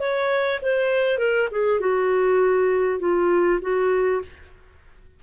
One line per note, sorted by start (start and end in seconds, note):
0.00 0.60 C#5
0.62 1.18 C5
1.18 1.48 A#4
1.51 1.80 G#4
1.80 2.99 F#4
2.99 3.59 F4
3.62 4.22 F#4